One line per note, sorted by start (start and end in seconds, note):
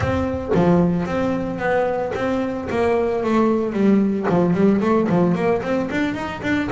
0.00 0.51 C4
0.54 1.05 F3
1.05 1.59 C4
1.59 2.12 B3
2.15 2.68 C4
2.70 3.23 A#3
3.23 3.73 A3
3.73 4.26 G3
4.29 4.53 F3
4.53 4.80 G3
4.80 5.07 A3
5.09 5.34 F3
5.34 5.61 A#3
5.62 5.89 C4
5.90 6.14 D4
6.14 6.41 D#4
6.42 6.69 D4